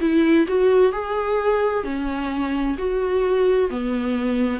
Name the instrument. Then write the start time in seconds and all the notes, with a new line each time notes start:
viola
0.00 E4
0.47 F#4
0.92 G#4
1.84 C#4
2.78 F#4
3.70 B3